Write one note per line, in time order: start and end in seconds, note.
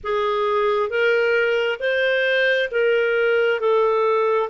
0.03 0.89 G#4
0.89 1.79 A#4
1.79 2.69 C5
2.71 3.60 A#4
3.60 4.49 A4